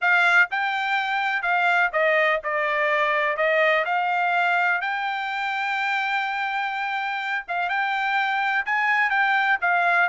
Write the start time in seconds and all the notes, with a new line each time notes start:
0.01 F5
0.50 G5
1.42 F5
1.92 D#5
2.43 D5
3.36 D#5
3.85 F5
4.81 G5
7.47 F5
7.69 G5
8.65 G#5
9.10 G5
9.61 F5